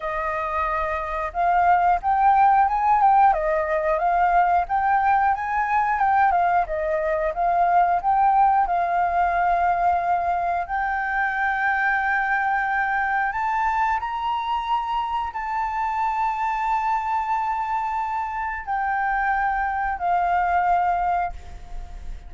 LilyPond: \new Staff \with { instrumentName = "flute" } { \time 4/4 \tempo 4 = 90 dis''2 f''4 g''4 | gis''8 g''8 dis''4 f''4 g''4 | gis''4 g''8 f''8 dis''4 f''4 | g''4 f''2. |
g''1 | a''4 ais''2 a''4~ | a''1 | g''2 f''2 | }